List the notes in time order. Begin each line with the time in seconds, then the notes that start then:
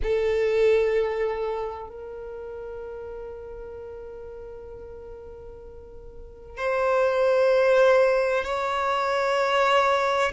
0.03 A4
1.88 A#4
6.57 C5
8.44 C#5